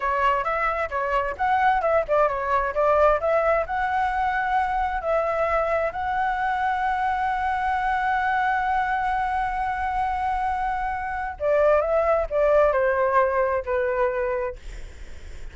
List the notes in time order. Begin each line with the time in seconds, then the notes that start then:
0.00 C#5
0.43 E5
0.90 C#5
1.37 F#5
1.81 E5
2.08 D5
2.28 C#5
2.74 D5
3.20 E5
3.66 F#5
5.01 E5
5.92 F#5
11.39 D5
11.81 E5
12.30 D5
12.72 C5
13.65 B4